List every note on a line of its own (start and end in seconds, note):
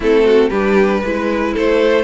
0.00 0.50 A3
0.00 0.51 C4
0.00 0.22 E4
0.00 0.49 A4
0.25 0.49 F#4
0.49 1.03 G3
0.49 1.03 D4
0.49 1.01 G4
0.49 1.52 B4
1.04 1.55 G#3
1.04 2.04 E4
1.04 1.54 B4
1.54 2.04 A3
1.54 2.04 A4
1.54 2.04 C5